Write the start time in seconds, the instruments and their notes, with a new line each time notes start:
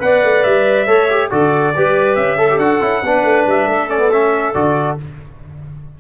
0.00 tuba B3, trombone B4, clarinet D5, trumpet F#5
0.24 tuba A3
0.44 tuba G3, trumpet E5
0.87 tuba A3, trombone A4, clarinet C#5
1.10 trombone G4
1.31 tuba D3, trombone F#4, clarinet A4, trumpet D5
1.76 tuba G3, trombone G4, clarinet B4
2.15 tuba C#4, trumpet E5
2.38 clarinet A4, trombone A4
2.50 trombone G4
2.58 tuba D4, trombone F#4, trumpet F#5
2.81 tuba C#4, trombone E4
3.02 tuba B3, trombone D4, clarinet B4
3.24 tuba A3
3.46 tuba G3, trumpet E5
3.67 tuba A3, clarinet A4
3.89 trombone C#4, trumpet D5
3.99 trombone B3
4.12 trombone C#4, trumpet E5
4.54 tuba D3, trombone F#4, trumpet D5